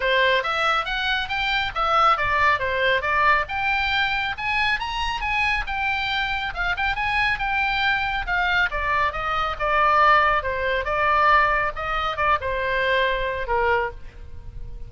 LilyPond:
\new Staff \with { instrumentName = "oboe" } { \time 4/4 \tempo 4 = 138 c''4 e''4 fis''4 g''4 | e''4 d''4 c''4 d''4 | g''2 gis''4 ais''4 | gis''4 g''2 f''8 g''8 |
gis''4 g''2 f''4 | d''4 dis''4 d''2 | c''4 d''2 dis''4 | d''8 c''2~ c''8 ais'4 | }